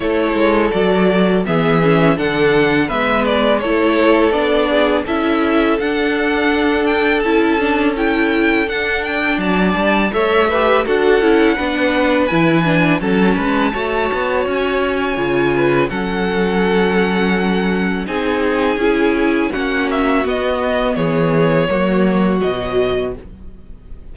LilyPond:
<<
  \new Staff \with { instrumentName = "violin" } { \time 4/4 \tempo 4 = 83 cis''4 d''4 e''4 fis''4 | e''8 d''8 cis''4 d''4 e''4 | fis''4. g''8 a''4 g''4 | fis''8 g''8 a''4 e''4 fis''4~ |
fis''4 gis''4 a''2 | gis''2 fis''2~ | fis''4 gis''2 fis''8 e''8 | dis''4 cis''2 dis''4 | }
  \new Staff \with { instrumentName = "violin" } { \time 4/4 a'2 gis'4 a'4 | b'4 a'4. gis'8 a'4~ | a'1~ | a'4 d''4 cis''8 b'8 a'4 |
b'2 a'8 b'8 cis''4~ | cis''4. b'8 a'2~ | a'4 gis'2 fis'4~ | fis'4 gis'4 fis'2 | }
  \new Staff \with { instrumentName = "viola" } { \time 4/4 e'4 fis'4 b8 cis'8 d'4 | b4 e'4 d'4 e'4 | d'2 e'8 d'8 e'4 | d'2 a'8 g'8 fis'8 e'8 |
d'4 e'8 d'8 cis'4 fis'4~ | fis'4 f'4 cis'2~ | cis'4 dis'4 e'4 cis'4 | b2 ais4 fis4 | }
  \new Staff \with { instrumentName = "cello" } { \time 4/4 a8 gis8 fis4 e4 d4 | gis4 a4 b4 cis'4 | d'2 cis'2 | d'4 fis8 g8 a4 d'8 cis'8 |
b4 e4 fis8 gis8 a8 b8 | cis'4 cis4 fis2~ | fis4 c'4 cis'4 ais4 | b4 e4 fis4 b,4 | }
>>